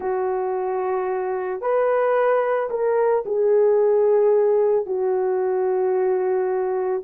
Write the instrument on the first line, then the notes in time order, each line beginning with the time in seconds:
horn
0.00 F#4
1.61 B4
2.70 A#4
3.25 G#4
4.86 F#4